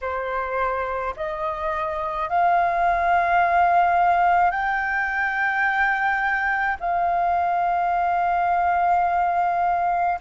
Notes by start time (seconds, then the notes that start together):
0.01 C5
1.16 D#5
2.29 F5
4.50 G5
6.79 F5